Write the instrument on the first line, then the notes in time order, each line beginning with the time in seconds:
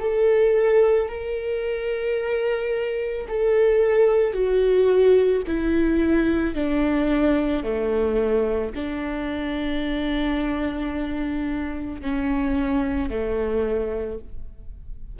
viola
0.00 A4
1.09 A#4
3.28 A4
4.33 F#4
5.47 E4
6.55 D4
7.63 A3
8.75 D4
12.01 C#4
13.10 A3